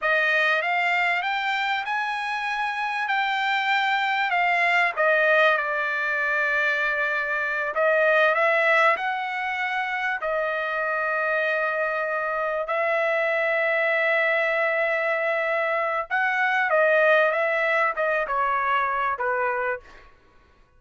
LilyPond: \new Staff \with { instrumentName = "trumpet" } { \time 4/4 \tempo 4 = 97 dis''4 f''4 g''4 gis''4~ | gis''4 g''2 f''4 | dis''4 d''2.~ | d''8 dis''4 e''4 fis''4.~ |
fis''8 dis''2.~ dis''8~ | dis''8 e''2.~ e''8~ | e''2 fis''4 dis''4 | e''4 dis''8 cis''4. b'4 | }